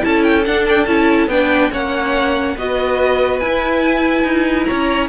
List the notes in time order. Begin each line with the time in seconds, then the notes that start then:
0.00 C#4 E4 A4 A5
0.23 G5
0.45 D4 F#5
0.68 G5
0.85 C#4 E4 A5
1.27 B3 D4 B4 G5
1.71 A#3 C#4 C#5 F#5
2.55 B3 F#4 B4 D#5
3.40 E4 G#5
4.24 D#4
4.64 C#4 C#5 A#5